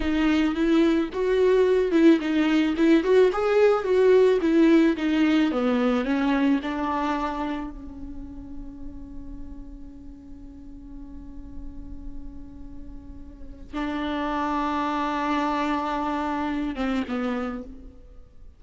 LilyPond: \new Staff \with { instrumentName = "viola" } { \time 4/4 \tempo 4 = 109 dis'4 e'4 fis'4. e'8 | dis'4 e'8 fis'8 gis'4 fis'4 | e'4 dis'4 b4 cis'4 | d'2 cis'2~ |
cis'1~ | cis'1~ | cis'4 d'2.~ | d'2~ d'8 c'8 b4 | }